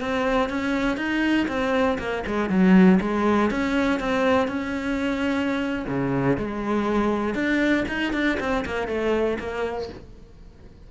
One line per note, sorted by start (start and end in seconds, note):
0.00 0.49 C4
0.49 0.97 C#4
0.97 1.47 D#4
1.48 1.98 C4
1.98 2.23 A#3
2.27 2.49 G#3
2.49 2.99 F#3
3.00 3.50 G#3
3.50 4.00 C#4
4.00 4.48 C4
4.48 5.85 C#4
5.88 6.37 C#3
6.37 7.34 G#3
7.34 7.84 D4
7.88 8.13 D#4
8.13 8.38 D4
8.40 8.65 C4
8.65 8.88 A#3
8.88 9.38 A3
9.39 9.89 A#3